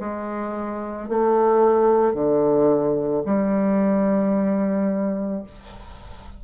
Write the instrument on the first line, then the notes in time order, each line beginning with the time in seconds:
bassoon
0.00 G#3
1.09 A3
2.14 D3
3.25 G3